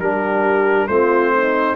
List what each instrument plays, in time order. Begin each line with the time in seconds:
0.00 tuba G3, trombone D4, horn G4, trumpet A#4
0.88 tuba A3, trombone C4, horn F4, trumpet C5
1.34 horn D#4